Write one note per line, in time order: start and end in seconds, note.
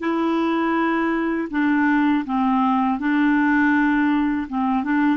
0.00 1.48 E4
1.51 2.25 D4
2.26 3.00 C4
3.00 4.48 D4
4.49 4.84 C4
4.84 5.17 D4